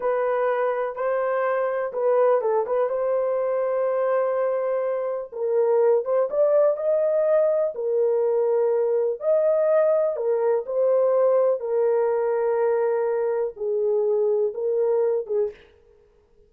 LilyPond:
\new Staff \with { instrumentName = "horn" } { \time 4/4 \tempo 4 = 124 b'2 c''2 | b'4 a'8 b'8 c''2~ | c''2. ais'4~ | ais'8 c''8 d''4 dis''2 |
ais'2. dis''4~ | dis''4 ais'4 c''2 | ais'1 | gis'2 ais'4. gis'8 | }